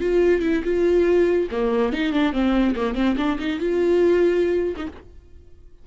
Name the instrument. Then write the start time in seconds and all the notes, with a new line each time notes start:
viola
0.00 F4
0.42 E4
0.64 F4
1.51 A#3
1.93 D#4
2.12 D4
2.32 C4
2.76 A#3
2.95 C4
3.17 D4
3.39 D#4
3.59 F4
4.76 D#4